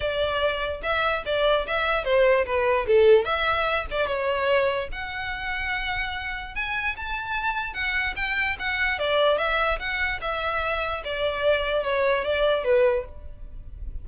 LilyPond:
\new Staff \with { instrumentName = "violin" } { \time 4/4 \tempo 4 = 147 d''2 e''4 d''4 | e''4 c''4 b'4 a'4 | e''4. d''8 cis''2 | fis''1 |
gis''4 a''2 fis''4 | g''4 fis''4 d''4 e''4 | fis''4 e''2 d''4~ | d''4 cis''4 d''4 b'4 | }